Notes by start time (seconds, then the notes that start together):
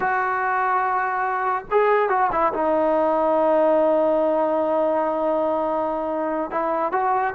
0.00 F#4
1.70 G#4
2.09 F#4
2.32 E4
2.53 D#4
6.50 E4
6.92 F#4